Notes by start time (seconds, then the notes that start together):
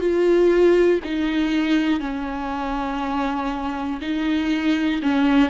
0.00 F4
1.04 D#4
2.00 C#4
4.00 D#4
5.02 C#4